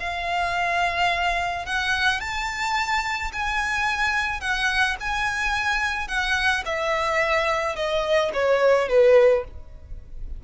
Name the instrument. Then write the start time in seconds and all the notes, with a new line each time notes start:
violin
0.00 F5
1.66 F#5
2.20 A5
3.33 G#5
4.41 F#5
5.01 G#5
6.08 F#5
6.66 E5
7.76 D#5
8.34 C#5
8.89 B4